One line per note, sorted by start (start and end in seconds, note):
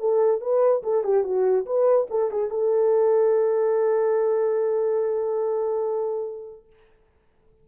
0.00 0.41 A4
0.41 0.83 B4
0.83 1.04 A4
1.04 1.24 G4
1.24 1.66 F#4
1.66 2.08 B4
2.10 2.31 A4
2.31 2.50 G#4
2.50 6.67 A4